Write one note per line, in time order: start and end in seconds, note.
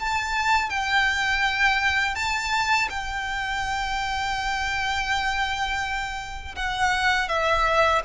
0.00 0.70 A5
0.70 2.16 G5
2.16 2.89 A5
2.90 6.56 G5
6.56 7.29 F#5
7.29 8.02 E5